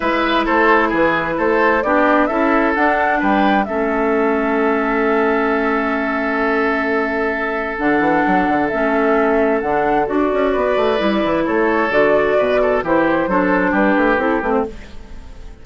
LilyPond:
<<
  \new Staff \with { instrumentName = "flute" } { \time 4/4 \tempo 4 = 131 e''4 c''4 b'4 c''4 | d''4 e''4 fis''4 g''4 | e''1~ | e''1~ |
e''4 fis''2 e''4~ | e''4 fis''4 d''2~ | d''4 cis''4 d''2 | c''2 b'4 a'8 b'16 c''16 | }
  \new Staff \with { instrumentName = "oboe" } { \time 4/4 b'4 a'4 gis'4 a'4 | g'4 a'2 b'4 | a'1~ | a'1~ |
a'1~ | a'2. b'4~ | b'4 a'2 b'8 a'8 | g'4 a'4 g'2 | }
  \new Staff \with { instrumentName = "clarinet" } { \time 4/4 e'1 | d'4 e'4 d'2 | cis'1~ | cis'1~ |
cis'4 d'2 cis'4~ | cis'4 d'4 fis'2 | e'2 fis'2 | e'4 d'2 e'8 c'8 | }
  \new Staff \with { instrumentName = "bassoon" } { \time 4/4 gis4 a4 e4 a4 | b4 cis'4 d'4 g4 | a1~ | a1~ |
a4 d8 e8 fis8 d8 a4~ | a4 d4 d'8 cis'8 b8 a8 | g8 e8 a4 d4 b,4 | e4 fis4 g8 a8 c'8 a8 | }
>>